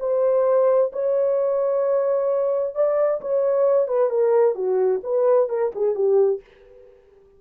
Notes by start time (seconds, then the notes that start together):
0.00 C5
0.93 C#5
2.75 D5
3.21 C#5
3.88 B4
4.10 A#4
4.55 F#4
5.04 B4
5.49 A#4
5.75 G#4
5.95 G4